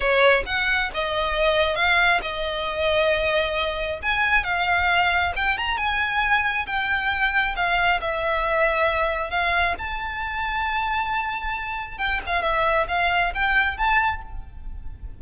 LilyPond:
\new Staff \with { instrumentName = "violin" } { \time 4/4 \tempo 4 = 135 cis''4 fis''4 dis''2 | f''4 dis''2.~ | dis''4 gis''4 f''2 | g''8 ais''8 gis''2 g''4~ |
g''4 f''4 e''2~ | e''4 f''4 a''2~ | a''2. g''8 f''8 | e''4 f''4 g''4 a''4 | }